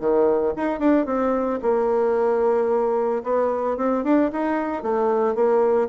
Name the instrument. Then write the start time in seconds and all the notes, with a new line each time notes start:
bassoon
0.00 D#3
0.56 D#4
0.79 D4
1.06 C4
1.62 A#3
3.24 B3
3.77 C4
4.04 D4
4.32 D#4
4.83 A3
5.35 A#3